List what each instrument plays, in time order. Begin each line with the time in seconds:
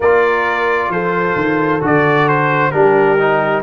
0.00 tuba A#3, trombone F4, horn A#4, trumpet D5
0.88 tuba F3, horn A4, trumpet C5
1.35 tuba D#3
1.80 tuba D3, trombone F#4, trumpet D5
2.28 trumpet C5
2.71 tuba G3, trombone D4, horn G4, trumpet A#4
3.18 trombone D#4